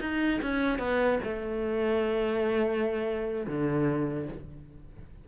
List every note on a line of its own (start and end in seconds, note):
0.00 0.41 D#4
0.42 0.79 C#4
0.79 1.19 B3
1.23 3.46 A3
3.47 4.28 D3